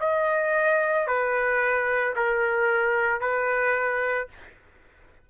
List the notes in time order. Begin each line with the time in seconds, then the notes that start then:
0.00 D#5
1.07 B4
2.16 A#4
3.20 B4